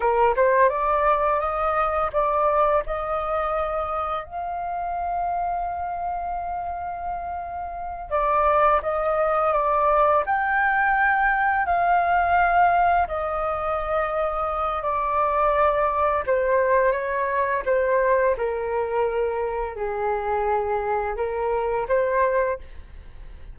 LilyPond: \new Staff \with { instrumentName = "flute" } { \time 4/4 \tempo 4 = 85 ais'8 c''8 d''4 dis''4 d''4 | dis''2 f''2~ | f''2.~ f''8 d''8~ | d''8 dis''4 d''4 g''4.~ |
g''8 f''2 dis''4.~ | dis''4 d''2 c''4 | cis''4 c''4 ais'2 | gis'2 ais'4 c''4 | }